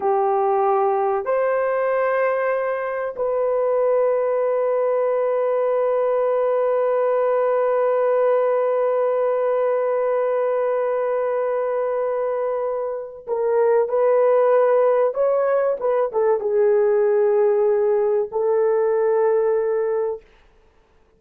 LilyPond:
\new Staff \with { instrumentName = "horn" } { \time 4/4 \tempo 4 = 95 g'2 c''2~ | c''4 b'2.~ | b'1~ | b'1~ |
b'1~ | b'4 ais'4 b'2 | cis''4 b'8 a'8 gis'2~ | gis'4 a'2. | }